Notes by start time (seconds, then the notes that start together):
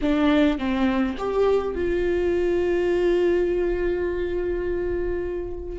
0.01 D4
0.58 C4
1.18 G4
1.74 F4